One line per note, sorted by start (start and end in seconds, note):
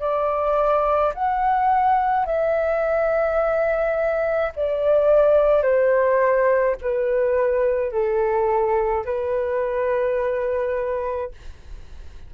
0.00 1.13 D5
1.14 2.26 F#5
2.26 4.52 E5
4.56 5.63 D5
5.63 6.76 C5
6.81 7.92 B4
7.92 9.05 A4
9.05 11.32 B4